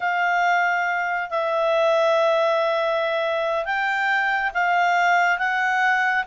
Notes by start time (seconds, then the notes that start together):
0.00 F5
1.29 E5
3.65 G5
4.53 F5
5.38 F#5